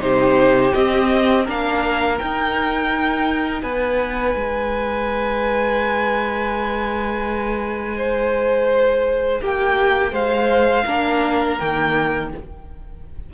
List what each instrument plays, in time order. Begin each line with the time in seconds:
0.00 cello C3, viola D#4, violin G4 C5
0.74 viola C4, cello C4, violin D#5
1.45 cello A#3, viola D4, violin A#4 F5
2.18 viola D#4, cello D#4, violin G5
3.62 cello B3, violin B4 G#5
4.36 cello G#3
7.97 violin C5
9.42 cello A#3, violin G4 G5
10.12 cello G#3, violin C5 F5
10.85 cello A#3, viola D4, violin A#4
11.59 cello D#3, viola A#3, violin G5